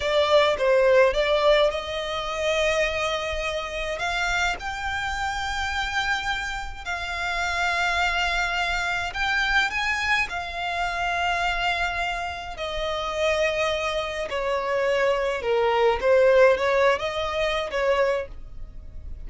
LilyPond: \new Staff \with { instrumentName = "violin" } { \time 4/4 \tempo 4 = 105 d''4 c''4 d''4 dis''4~ | dis''2. f''4 | g''1 | f''1 |
g''4 gis''4 f''2~ | f''2 dis''2~ | dis''4 cis''2 ais'4 | c''4 cis''8. dis''4~ dis''16 cis''4 | }